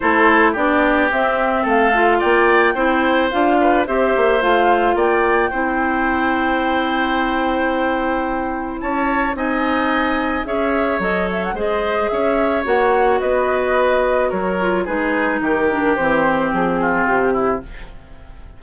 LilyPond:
<<
  \new Staff \with { instrumentName = "flute" } { \time 4/4 \tempo 4 = 109 c''4 d''4 e''4 f''4 | g''2 f''4 e''4 | f''4 g''2.~ | g''1 |
a''4 gis''2 e''4 | dis''8 e''16 fis''16 dis''4 e''4 fis''4 | dis''2 cis''4 b'4 | ais'4 c''4 gis'4 g'4 | }
  \new Staff \with { instrumentName = "oboe" } { \time 4/4 a'4 g'2 a'4 | d''4 c''4. b'8 c''4~ | c''4 d''4 c''2~ | c''1 |
cis''4 dis''2 cis''4~ | cis''4 c''4 cis''2 | b'2 ais'4 gis'4 | g'2~ g'8 f'4 e'8 | }
  \new Staff \with { instrumentName = "clarinet" } { \time 4/4 e'4 d'4 c'4. f'8~ | f'4 e'4 f'4 g'4 | f'2 e'2~ | e'1~ |
e'4 dis'2 gis'4 | a'4 gis'2 fis'4~ | fis'2~ fis'8 f'8 dis'4~ | dis'8 d'8 c'2. | }
  \new Staff \with { instrumentName = "bassoon" } { \time 4/4 a4 b4 c'4 a4 | ais4 c'4 d'4 c'8 ais8 | a4 ais4 c'2~ | c'1 |
cis'4 c'2 cis'4 | fis4 gis4 cis'4 ais4 | b2 fis4 gis4 | dis4 e4 f4 c4 | }
>>